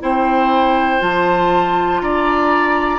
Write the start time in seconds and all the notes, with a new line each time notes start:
0.00 C4 E4 C5 G5
1.00 F3 F4 A5
2.01 D4 D5 A#5